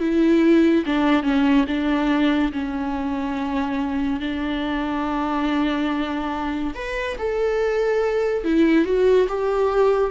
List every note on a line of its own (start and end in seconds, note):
0.00 0.85 E4
0.86 1.23 D4
1.23 1.66 C#4
1.68 2.52 D4
2.53 4.21 C#4
4.21 6.74 D4
6.75 7.17 B4
7.19 8.44 A4
8.44 8.85 E4
8.85 9.28 F#4
9.29 10.11 G4